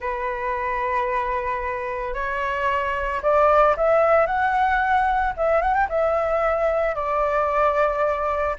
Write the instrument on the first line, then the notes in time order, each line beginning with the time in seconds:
flute
0.00 B4
2.14 C#5
3.22 D5
3.76 E5
4.26 F#5
5.36 E5
5.61 F#5
5.73 G5
5.89 E5
6.95 D5